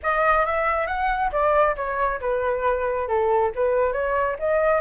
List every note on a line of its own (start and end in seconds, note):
0.02 0.45 D#5
0.45 0.87 E5
0.87 1.30 F#5
1.31 1.75 D5
1.76 2.20 C#5
2.20 3.08 B4
3.08 3.51 A4
3.55 3.92 B4
3.92 4.36 C#5
4.39 4.81 D#5